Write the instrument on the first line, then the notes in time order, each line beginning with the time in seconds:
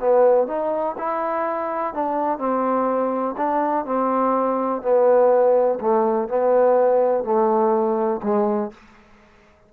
trombone
0.00 B3
0.48 D#4
0.98 E4
1.94 D4
2.39 C4
3.38 D4
3.86 C4
4.83 B3
5.81 A3
6.29 B3
7.24 A3
8.23 G#3